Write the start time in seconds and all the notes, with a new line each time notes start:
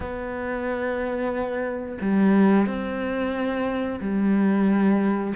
0.00 B3
2.01 G3
2.66 C4
4.00 G3